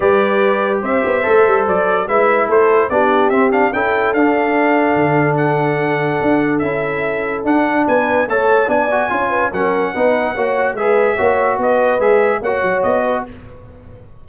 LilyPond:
<<
  \new Staff \with { instrumentName = "trumpet" } { \time 4/4 \tempo 4 = 145 d''2 e''2 | d''4 e''4 c''4 d''4 | e''8 f''8 g''4 f''2~ | f''4 fis''2. |
e''2 fis''4 gis''4 | a''4 gis''2 fis''4~ | fis''2 e''2 | dis''4 e''4 fis''4 dis''4 | }
  \new Staff \with { instrumentName = "horn" } { \time 4/4 b'2 c''2~ | c''4 b'4 a'4 g'4~ | g'4 a'2.~ | a'1~ |
a'2. b'4 | cis''4 d''4 cis''8 b'8 ais'4 | b'4 cis''4 b'4 cis''4 | b'2 cis''4. b'8 | }
  \new Staff \with { instrumentName = "trombone" } { \time 4/4 g'2. a'4~ | a'4 e'2 d'4 | c'8 d'8 e'4 d'2~ | d'1 |
e'2 d'2 | a'4 d'8 fis'8 f'4 cis'4 | dis'4 fis'4 gis'4 fis'4~ | fis'4 gis'4 fis'2 | }
  \new Staff \with { instrumentName = "tuba" } { \time 4/4 g2 c'8 b8 a8 g8 | fis4 gis4 a4 b4 | c'4 cis'4 d'2 | d2. d'4 |
cis'2 d'4 b4 | a4 b4 cis'4 fis4 | b4 ais4 gis4 ais4 | b4 gis4 ais8 fis8 b4 | }
>>